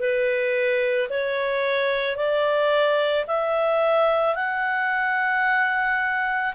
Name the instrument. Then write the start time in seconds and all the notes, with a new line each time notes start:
clarinet
0.00 B4
1.10 C#5
2.16 D5
3.27 E5
4.35 F#5